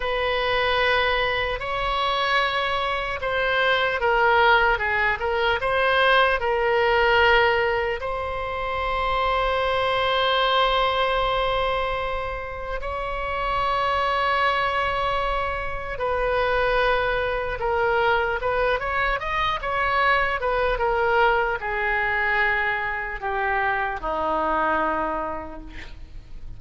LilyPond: \new Staff \with { instrumentName = "oboe" } { \time 4/4 \tempo 4 = 75 b'2 cis''2 | c''4 ais'4 gis'8 ais'8 c''4 | ais'2 c''2~ | c''1 |
cis''1 | b'2 ais'4 b'8 cis''8 | dis''8 cis''4 b'8 ais'4 gis'4~ | gis'4 g'4 dis'2 | }